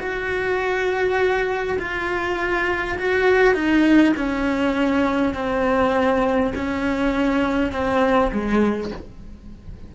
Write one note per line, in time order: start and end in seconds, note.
0.00 1.78 F#4
1.79 2.98 F4
2.99 3.54 F#4
3.54 4.14 D#4
4.17 5.34 C#4
5.34 6.53 C4
6.56 7.72 C#4
7.72 8.32 C4
8.32 8.92 G#3